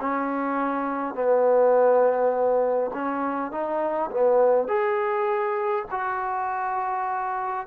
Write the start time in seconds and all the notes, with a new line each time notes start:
0.00 C#4
1.14 B3
2.94 C#4
3.51 D#4
4.11 B3
4.67 G#4
5.91 F#4